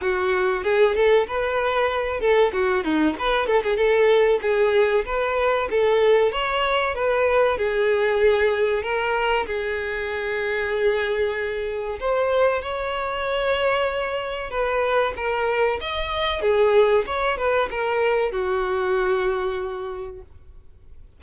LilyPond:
\new Staff \with { instrumentName = "violin" } { \time 4/4 \tempo 4 = 95 fis'4 gis'8 a'8 b'4. a'8 | fis'8 dis'8 b'8 a'16 gis'16 a'4 gis'4 | b'4 a'4 cis''4 b'4 | gis'2 ais'4 gis'4~ |
gis'2. c''4 | cis''2. b'4 | ais'4 dis''4 gis'4 cis''8 b'8 | ais'4 fis'2. | }